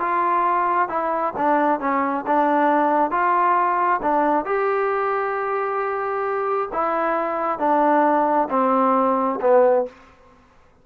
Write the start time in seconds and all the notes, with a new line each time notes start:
0.00 F4
0.89 E4
1.37 D4
1.80 C#4
2.27 D4
3.11 F4
4.02 D4
4.45 G4
6.72 E4
7.59 D4
8.50 C4
9.41 B3